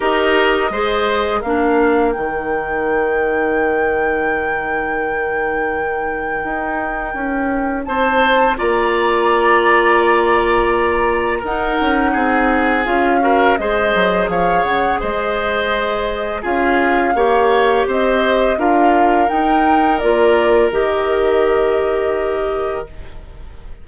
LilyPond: <<
  \new Staff \with { instrumentName = "flute" } { \time 4/4 \tempo 4 = 84 dis''2 f''4 g''4~ | g''1~ | g''2. a''4 | ais''1 |
fis''2 f''4 dis''4 | f''8 fis''8 dis''2 f''4~ | f''4 dis''4 f''4 g''4 | d''4 dis''2. | }
  \new Staff \with { instrumentName = "oboe" } { \time 4/4 ais'4 c''4 ais'2~ | ais'1~ | ais'2. c''4 | d''1 |
ais'4 gis'4. ais'8 c''4 | cis''4 c''2 gis'4 | cis''4 c''4 ais'2~ | ais'1 | }
  \new Staff \with { instrumentName = "clarinet" } { \time 4/4 g'4 gis'4 d'4 dis'4~ | dis'1~ | dis'1 | f'1 |
dis'2 f'8 fis'8 gis'4~ | gis'2. f'4 | g'2 f'4 dis'4 | f'4 g'2. | }
  \new Staff \with { instrumentName = "bassoon" } { \time 4/4 dis'4 gis4 ais4 dis4~ | dis1~ | dis4 dis'4 cis'4 c'4 | ais1 |
dis'8 cis'8 c'4 cis'4 gis8 fis8 | f8 cis8 gis2 cis'4 | ais4 c'4 d'4 dis'4 | ais4 dis2. | }
>>